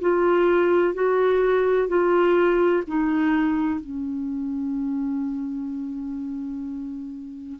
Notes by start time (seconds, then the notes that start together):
0.00 F4
0.94 F#4
1.87 F4
2.87 D#4
3.80 C#4